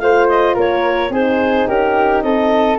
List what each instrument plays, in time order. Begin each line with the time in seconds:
0.00 tuba A3, horn F4, flute C5, clarinet F5
0.29 clarinet D#5
0.55 tuba A#3, flute A#4, clarinet C#5
1.10 tuba C4, horn D#4, flute G#4, clarinet C5
1.67 tuba C#4, flute G4, clarinet A#4
2.22 tuba C4, flute A4, clarinet D#5